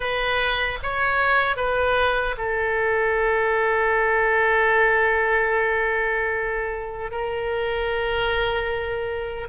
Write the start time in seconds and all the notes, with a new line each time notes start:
0.00 B4
0.82 C#5
1.56 B4
2.37 A4
7.11 A#4